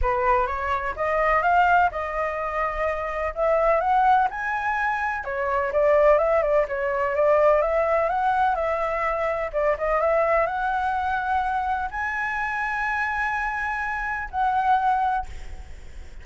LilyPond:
\new Staff \with { instrumentName = "flute" } { \time 4/4 \tempo 4 = 126 b'4 cis''4 dis''4 f''4 | dis''2. e''4 | fis''4 gis''2 cis''4 | d''4 e''8 d''8 cis''4 d''4 |
e''4 fis''4 e''2 | d''8 dis''8 e''4 fis''2~ | fis''4 gis''2.~ | gis''2 fis''2 | }